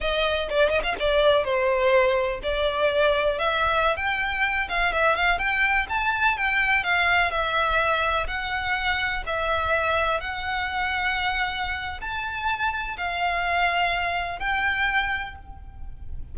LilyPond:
\new Staff \with { instrumentName = "violin" } { \time 4/4 \tempo 4 = 125 dis''4 d''8 dis''16 f''16 d''4 c''4~ | c''4 d''2 e''4~ | e''16 g''4. f''8 e''8 f''8 g''8.~ | g''16 a''4 g''4 f''4 e''8.~ |
e''4~ e''16 fis''2 e''8.~ | e''4~ e''16 fis''2~ fis''8.~ | fis''4 a''2 f''4~ | f''2 g''2 | }